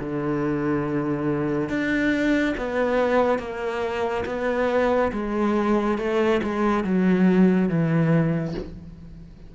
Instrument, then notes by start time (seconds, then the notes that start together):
cello
0.00 D3
1.69 D4
2.58 B3
3.39 A#3
4.26 B3
5.13 G#3
5.98 A3
6.44 G#3
6.84 F#3
7.69 E3